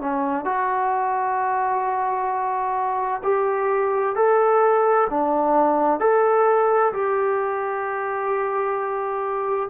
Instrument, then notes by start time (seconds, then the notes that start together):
trombone
0.00 C#4
0.44 F#4
3.23 G4
4.15 A4
5.10 D4
6.00 A4
6.92 G4